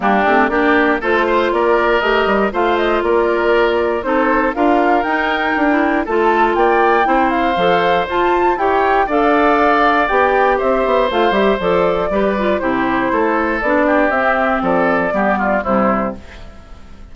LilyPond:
<<
  \new Staff \with { instrumentName = "flute" } { \time 4/4 \tempo 4 = 119 g'4 d''4 c''4 d''4 | dis''4 f''8 dis''8 d''2 | c''4 f''4 g''2 | a''4 g''4. f''4. |
a''4 g''4 f''2 | g''4 e''4 f''8 e''8 d''4~ | d''4 c''2 d''4 | e''4 d''2 c''4 | }
  \new Staff \with { instrumentName = "oboe" } { \time 4/4 d'4 g'4 a'8 c''8 ais'4~ | ais'4 c''4 ais'2 | a'4 ais'2. | a'4 d''4 c''2~ |
c''4 cis''4 d''2~ | d''4 c''2. | b'4 g'4 a'4. g'8~ | g'4 a'4 g'8 f'8 e'4 | }
  \new Staff \with { instrumentName = "clarinet" } { \time 4/4 ais8 c'8 d'4 f'2 | g'4 f'2. | dis'4 f'4 dis'4~ dis'16 e'8. | f'2 e'4 a'4 |
f'4 g'4 a'2 | g'2 f'8 g'8 a'4 | g'8 f'8 e'2 d'4 | c'2 b4 g4 | }
  \new Staff \with { instrumentName = "bassoon" } { \time 4/4 g8 a8 ais4 a4 ais4 | a8 g8 a4 ais2 | c'4 d'4 dis'4 d'4 | a4 ais4 c'4 f4 |
f'4 e'4 d'2 | b4 c'8 b8 a8 g8 f4 | g4 c4 a4 b4 | c'4 f4 g4 c4 | }
>>